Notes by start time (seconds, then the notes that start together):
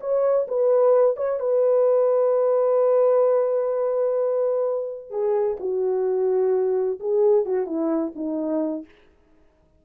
0.00 C#5
0.47 B4
1.16 C#5
1.40 B4
5.10 G#4
5.60 F#4
7.00 G#4
7.45 F#4
7.66 E4
8.15 D#4